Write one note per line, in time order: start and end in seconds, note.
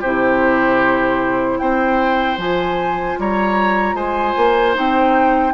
0.00 1.60 C3
0.00 2.38 E4
0.00 1.58 G4
0.00 1.58 C5
1.58 2.37 C4
1.58 3.19 C5
1.58 2.37 G5
2.37 3.16 F3
2.37 4.75 F4
2.37 3.19 G#5
3.19 3.94 G3
3.19 3.95 C#5
3.19 3.96 A#5
3.94 4.33 G#3
3.94 5.53 C5
3.94 4.75 G#5
4.37 4.76 A#3
4.75 5.53 C4
4.75 5.53 D#4
4.75 5.53 G5